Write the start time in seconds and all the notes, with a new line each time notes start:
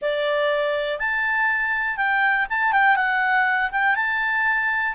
0.01 D5
0.99 A5
1.96 G5
2.49 A5
2.72 G5
2.95 F#5
3.71 G5
3.95 A5